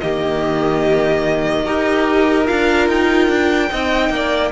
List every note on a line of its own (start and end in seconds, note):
0.00 1.67 D#3
0.00 1.64 A#3
0.00 1.65 G4
0.00 2.47 D#5
1.64 2.49 D#4
1.64 2.46 G4
1.64 3.70 A#4
2.46 2.88 D4
2.46 3.69 F4
2.46 2.88 F5
2.88 3.28 D#4
2.88 4.52 G5
3.28 3.69 D4
3.70 4.09 C4
3.70 4.52 D#4
3.70 4.11 D#5
4.09 4.51 A#3
4.09 4.52 D5